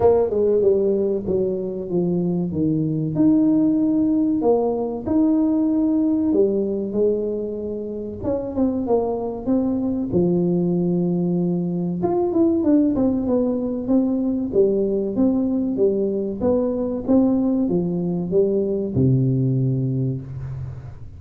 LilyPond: \new Staff \with { instrumentName = "tuba" } { \time 4/4 \tempo 4 = 95 ais8 gis8 g4 fis4 f4 | dis4 dis'2 ais4 | dis'2 g4 gis4~ | gis4 cis'8 c'8 ais4 c'4 |
f2. f'8 e'8 | d'8 c'8 b4 c'4 g4 | c'4 g4 b4 c'4 | f4 g4 c2 | }